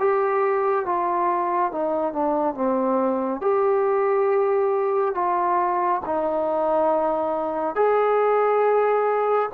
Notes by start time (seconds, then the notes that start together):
0.00 G4
0.86 F4
1.72 D#4
2.13 D4
2.55 C4
3.42 G4
5.15 F4
6.06 D#4
7.76 G#4